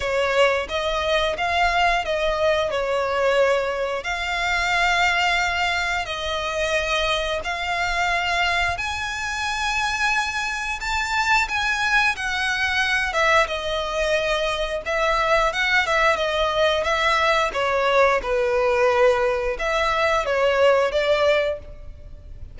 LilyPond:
\new Staff \with { instrumentName = "violin" } { \time 4/4 \tempo 4 = 89 cis''4 dis''4 f''4 dis''4 | cis''2 f''2~ | f''4 dis''2 f''4~ | f''4 gis''2. |
a''4 gis''4 fis''4. e''8 | dis''2 e''4 fis''8 e''8 | dis''4 e''4 cis''4 b'4~ | b'4 e''4 cis''4 d''4 | }